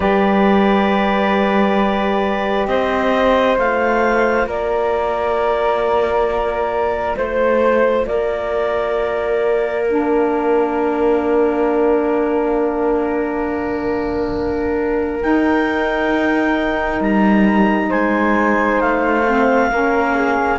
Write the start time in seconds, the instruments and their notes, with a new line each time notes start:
0.00 cello G3, saxophone G4, flute B4, clarinet D5
2.67 cello C4, flute C5, clarinet D#5
3.56 cello A3, saxophone F4, clarinet F5
4.46 cello A#3, flute A#4, clarinet D5
7.16 cello A3, flute C5, clarinet C5
8.06 cello A#3, flute A#4, clarinet D5
9.85 saxophone D4, clarinet F5
15.21 saxophone D#4, cello D#4, clarinet G5
17.00 cello G3, clarinet A#5
17.88 cello G#3, flute C5, clarinet G#5
18.81 cello A3, clarinet F5
19.26 saxophone C4
19.71 cello A#3, saxophone C#4, flute A#4
20.14 flute G#4